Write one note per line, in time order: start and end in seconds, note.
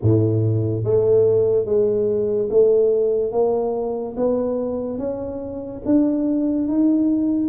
0.02 0.83 A2
0.83 1.65 A3
1.65 2.48 G#3
2.50 3.31 A3
3.31 4.15 A#3
4.16 4.98 B3
4.98 5.81 C#4
5.85 6.68 D4
6.68 7.49 D#4